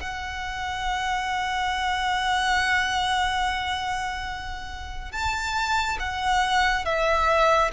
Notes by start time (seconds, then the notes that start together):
0.00 F#5
5.12 A5
5.99 F#5
6.85 E5